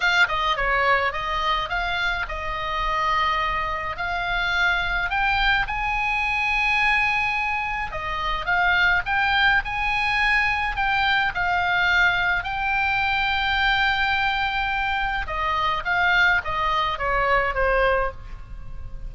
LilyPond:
\new Staff \with { instrumentName = "oboe" } { \time 4/4 \tempo 4 = 106 f''8 dis''8 cis''4 dis''4 f''4 | dis''2. f''4~ | f''4 g''4 gis''2~ | gis''2 dis''4 f''4 |
g''4 gis''2 g''4 | f''2 g''2~ | g''2. dis''4 | f''4 dis''4 cis''4 c''4 | }